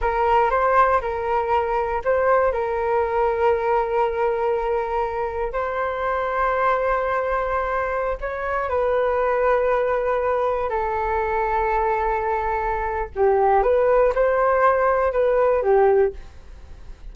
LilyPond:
\new Staff \with { instrumentName = "flute" } { \time 4/4 \tempo 4 = 119 ais'4 c''4 ais'2 | c''4 ais'2.~ | ais'2. c''4~ | c''1~ |
c''16 cis''4 b'2~ b'8.~ | b'4~ b'16 a'2~ a'8.~ | a'2 g'4 b'4 | c''2 b'4 g'4 | }